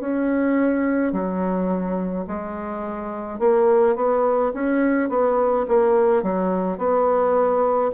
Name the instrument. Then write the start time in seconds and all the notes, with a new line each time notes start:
bassoon
0.00 C#4
1.13 F#3
2.27 G#3
3.39 A#3
3.96 B3
4.53 C#4
5.09 B3
5.68 A#3
6.23 F#3
6.78 B3